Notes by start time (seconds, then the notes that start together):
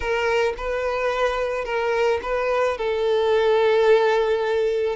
0.00 A#4
0.57 B4
1.65 A#4
2.22 B4
2.77 A4